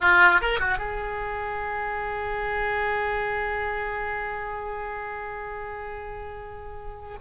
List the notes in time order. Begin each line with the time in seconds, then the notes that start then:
0.00 F4
0.41 A#4
0.59 F#4
0.77 G#4